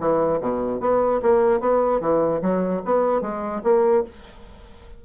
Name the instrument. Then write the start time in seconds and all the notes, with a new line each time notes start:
bassoon
0.00 E3
0.41 B2
0.81 B3
1.22 A#3
1.60 B3
2.01 E3
2.42 F#3
2.85 B3
3.22 G#3
3.64 A#3